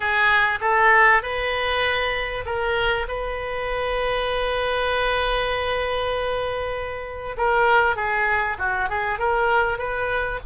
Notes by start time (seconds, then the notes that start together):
0.00 G#4
0.61 A4
1.22 B4
2.45 A#4
3.08 B4
7.37 A#4
7.95 G#4
8.58 F#4
8.89 G#4
9.18 A#4
9.78 B4